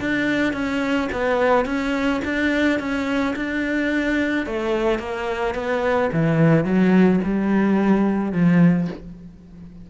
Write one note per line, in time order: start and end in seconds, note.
0.00 0.53 D4
0.53 1.08 C#4
1.12 1.65 B3
1.65 2.21 C#4
2.24 2.79 D4
2.79 3.35 C#4
3.36 4.46 D4
4.46 4.99 A3
4.99 5.54 A#3
5.54 6.10 B3
6.12 6.64 E3
6.64 7.20 F#3
7.23 8.32 G3
8.32 8.87 F3